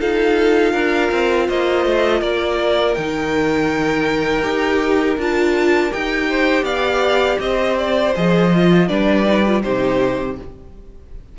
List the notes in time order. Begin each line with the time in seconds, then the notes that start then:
0.00 D#4 F4 A4 F5
0.72 D4 A#4
1.12 C4
1.47 A#3 C5 D#5
1.85 A3
2.20 A#3 A#4 D5
2.94 D#3 D#4 G5
4.42 D#4 G4
5.17 D4 F4 A5
5.91 D#4 G4 G5
6.29 C5
6.63 B3 D5 F5
7.40 C4 C5 D#5
7.77 D5
8.15 F3 G#4 D#5
8.53 F4
8.88 G3 D4 B4 D5
9.25 D#4
9.47 F4
9.62 C3 D#4 G4 C5